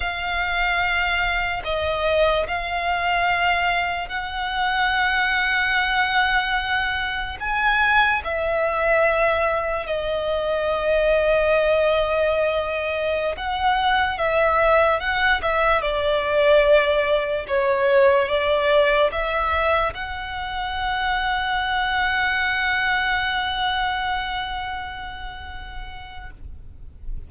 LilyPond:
\new Staff \with { instrumentName = "violin" } { \time 4/4 \tempo 4 = 73 f''2 dis''4 f''4~ | f''4 fis''2.~ | fis''4 gis''4 e''2 | dis''1~ |
dis''16 fis''4 e''4 fis''8 e''8 d''8.~ | d''4~ d''16 cis''4 d''4 e''8.~ | e''16 fis''2.~ fis''8.~ | fis''1 | }